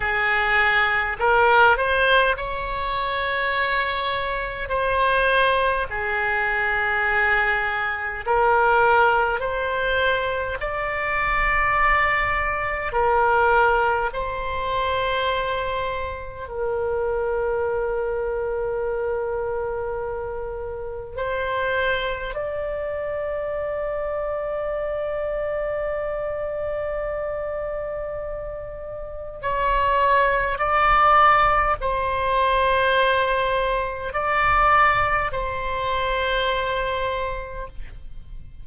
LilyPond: \new Staff \with { instrumentName = "oboe" } { \time 4/4 \tempo 4 = 51 gis'4 ais'8 c''8 cis''2 | c''4 gis'2 ais'4 | c''4 d''2 ais'4 | c''2 ais'2~ |
ais'2 c''4 d''4~ | d''1~ | d''4 cis''4 d''4 c''4~ | c''4 d''4 c''2 | }